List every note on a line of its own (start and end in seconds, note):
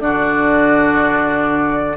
0.00 1.97 D3
0.00 1.97 D4
0.00 1.97 F#4
0.00 1.97 D5